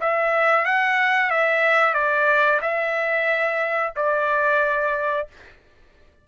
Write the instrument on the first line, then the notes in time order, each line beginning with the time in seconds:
trumpet
0.00 E5
0.65 F#5
1.30 E5
1.94 D5
2.61 E5
3.96 D5